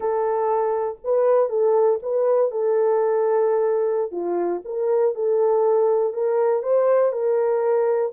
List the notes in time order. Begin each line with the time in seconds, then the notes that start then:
0.00 A4
1.03 B4
1.49 A4
2.02 B4
2.51 A4
4.11 F4
4.64 A#4
5.15 A4
6.13 A#4
6.62 C5
7.12 A#4